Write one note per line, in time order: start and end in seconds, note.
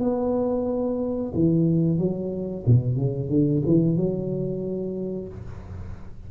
0.00 1.32 B3
1.34 1.98 E3
1.98 2.64 F#3
2.66 2.96 B2
2.96 3.29 C#3
3.29 3.62 D3
3.66 3.97 E3
3.97 5.28 F#3